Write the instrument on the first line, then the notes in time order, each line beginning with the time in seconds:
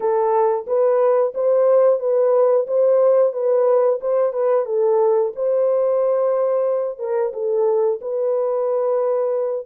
horn
0.00 A4
0.66 B4
1.34 C5
1.99 B4
2.67 C5
3.32 B4
4.01 C5
4.32 B4
4.65 A4
5.35 C5
6.98 A#4
7.33 A4
8.01 B4